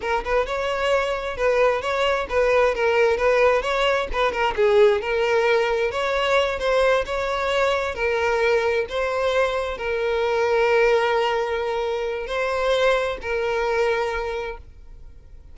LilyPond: \new Staff \with { instrumentName = "violin" } { \time 4/4 \tempo 4 = 132 ais'8 b'8 cis''2 b'4 | cis''4 b'4 ais'4 b'4 | cis''4 b'8 ais'8 gis'4 ais'4~ | ais'4 cis''4. c''4 cis''8~ |
cis''4. ais'2 c''8~ | c''4. ais'2~ ais'8~ | ais'2. c''4~ | c''4 ais'2. | }